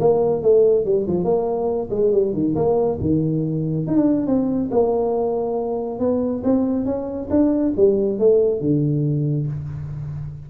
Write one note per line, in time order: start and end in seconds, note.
0.00 0.42 A#3
0.42 0.85 A3
0.85 1.07 G3
1.07 1.24 F3
1.24 1.89 A#3
1.90 2.12 G#3
2.12 2.33 G3
2.33 2.55 D#3
2.55 2.99 A#3
3.01 3.87 D#3
3.87 3.96 D#4
3.96 4.27 D4
4.27 4.70 C4
4.71 5.99 A#3
5.99 6.43 B3
6.44 6.86 C4
6.86 7.29 C#4
7.30 7.73 D4
7.77 8.19 G3
8.19 8.61 A3
8.61 9.47 D3